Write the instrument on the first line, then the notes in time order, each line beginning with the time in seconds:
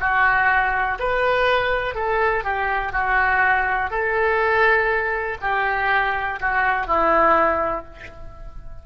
oboe
0.00 F#4
0.99 B4
1.95 A4
2.44 G4
2.92 F#4
3.90 A4
5.41 G4
6.40 F#4
6.87 E4